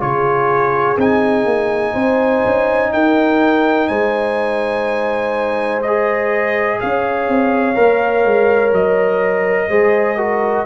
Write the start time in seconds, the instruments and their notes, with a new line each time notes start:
0.00 tuba C#3, trombone F4, horn G#4, trumpet C#5
0.97 tuba C4, trombone D#4, trumpet G#5
1.45 tuba A#3
1.93 tuba C4, horn C5
2.45 tuba C#4
2.93 tuba D#4, horn A#4, trumpet G5
3.87 tuba G#3, horn C5, trumpet G#5
5.82 trombone G#4, trumpet D#5
6.80 tuba C#4, horn C#5, trumpet F5
7.28 tuba C4
7.75 tuba A#3, trombone A#4
8.25 tuba G#3
8.72 tuba F#3, trumpet D#5
9.69 tuba G#3, trombone G#4, horn C5
10.17 trombone F#4, horn A#4